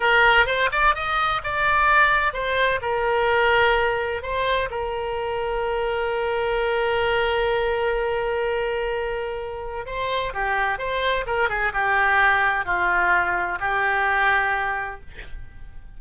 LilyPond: \new Staff \with { instrumentName = "oboe" } { \time 4/4 \tempo 4 = 128 ais'4 c''8 d''8 dis''4 d''4~ | d''4 c''4 ais'2~ | ais'4 c''4 ais'2~ | ais'1~ |
ais'1~ | ais'4 c''4 g'4 c''4 | ais'8 gis'8 g'2 f'4~ | f'4 g'2. | }